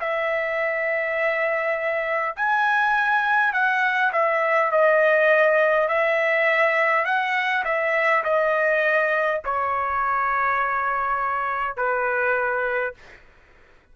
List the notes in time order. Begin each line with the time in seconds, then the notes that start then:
0.00 E5
2.36 G#5
3.53 F#5
4.12 E5
4.71 D#5
5.88 E5
7.05 F#5
7.65 E5
8.24 D#5
9.44 C#5
11.76 B4